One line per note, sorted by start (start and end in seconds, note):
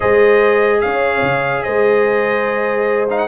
0.00 0.84 G#3
0.00 3.08 G#4
0.00 0.81 C5
0.00 0.80 D#5
0.80 1.22 C#4
0.80 1.63 C#5
0.80 1.63 F5
1.22 1.63 C#3
1.63 3.28 G#3
1.63 3.28 C5
1.63 3.07 D#5
3.09 3.28 D#4
3.09 3.18 F5
3.18 3.28 F#5